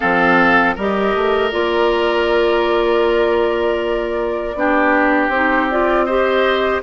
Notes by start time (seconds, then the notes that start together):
0.00 F3 C4 A4 F5
0.75 G3 G4 A#4 D#5
1.15 A3
1.51 A#3 F4 D5
4.54 B3 D4 G4
5.28 C4 D#4 C5
5.70 F4 D5
6.04 G4 C5 D#5